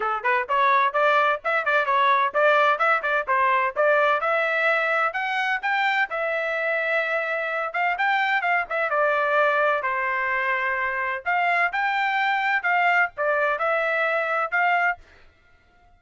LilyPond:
\new Staff \with { instrumentName = "trumpet" } { \time 4/4 \tempo 4 = 128 a'8 b'8 cis''4 d''4 e''8 d''8 | cis''4 d''4 e''8 d''8 c''4 | d''4 e''2 fis''4 | g''4 e''2.~ |
e''8 f''8 g''4 f''8 e''8 d''4~ | d''4 c''2. | f''4 g''2 f''4 | d''4 e''2 f''4 | }